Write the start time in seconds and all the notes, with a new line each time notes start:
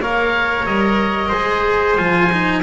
0.00 A#3 A#4 C#5 F5
0.66 G3 D#5
1.29 G#3 G#4 C5
1.98 F3 F4 G#5
2.33 D#4